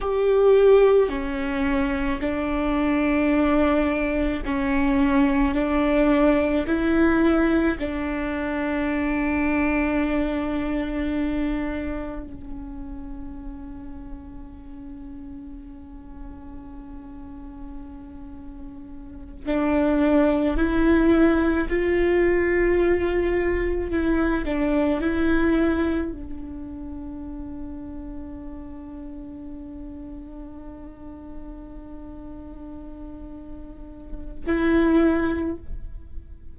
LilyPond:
\new Staff \with { instrumentName = "viola" } { \time 4/4 \tempo 4 = 54 g'4 cis'4 d'2 | cis'4 d'4 e'4 d'4~ | d'2. cis'4~ | cis'1~ |
cis'4. d'4 e'4 f'8~ | f'4. e'8 d'8 e'4 d'8~ | d'1~ | d'2. e'4 | }